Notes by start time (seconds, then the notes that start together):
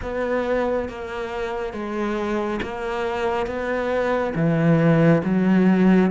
0.02 B3
0.88 A#3
1.73 G#3
2.62 A#3
3.46 B3
4.35 E3
5.24 F#3